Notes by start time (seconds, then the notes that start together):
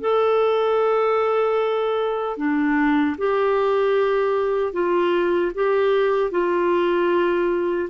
0.00 A4
2.37 D4
3.18 G4
4.73 F4
5.54 G4
6.31 F4